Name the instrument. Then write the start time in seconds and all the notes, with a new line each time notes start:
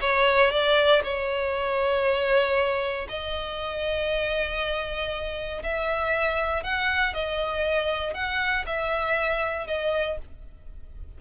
violin
0.00 C#5
0.50 D5
1.04 C#5
3.08 D#5
5.63 E5
6.63 F#5
7.13 D#5
8.14 F#5
8.66 E5
9.67 D#5